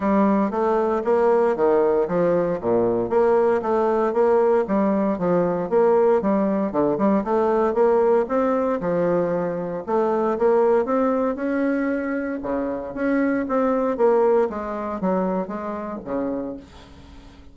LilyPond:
\new Staff \with { instrumentName = "bassoon" } { \time 4/4 \tempo 4 = 116 g4 a4 ais4 dis4 | f4 ais,4 ais4 a4 | ais4 g4 f4 ais4 | g4 d8 g8 a4 ais4 |
c'4 f2 a4 | ais4 c'4 cis'2 | cis4 cis'4 c'4 ais4 | gis4 fis4 gis4 cis4 | }